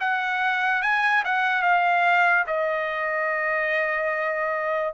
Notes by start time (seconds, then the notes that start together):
0.00 F#5
0.82 G#5
1.24 F#5
1.62 F5
2.47 D#5